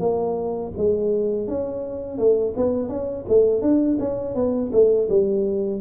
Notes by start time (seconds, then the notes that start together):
0.00 A#3
0.77 G#3
1.48 C#4
2.18 A3
2.57 B3
2.89 C#4
3.29 A3
3.62 D4
4.00 C#4
4.35 B3
4.73 A3
5.09 G3